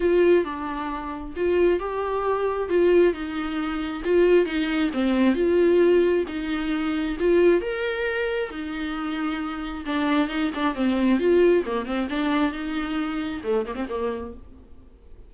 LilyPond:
\new Staff \with { instrumentName = "viola" } { \time 4/4 \tempo 4 = 134 f'4 d'2 f'4 | g'2 f'4 dis'4~ | dis'4 f'4 dis'4 c'4 | f'2 dis'2 |
f'4 ais'2 dis'4~ | dis'2 d'4 dis'8 d'8 | c'4 f'4 ais8 c'8 d'4 | dis'2 a8 ais16 c'16 ais4 | }